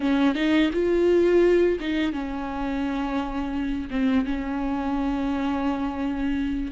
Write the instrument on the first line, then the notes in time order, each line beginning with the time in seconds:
viola
0.00 C#4
0.35 D#4
0.73 F4
1.79 D#4
2.12 C#4
3.90 C4
4.25 C#4